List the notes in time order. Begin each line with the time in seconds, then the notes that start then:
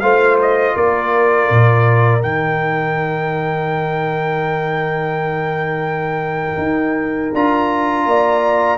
0.00 A3 F4 C5 F5
0.41 D#5
0.76 A#3 A#4 D5
1.50 A#2
2.21 D#3 D#4 G5
6.58 D#4
7.34 D4 F4 A#5
8.06 A#3 D5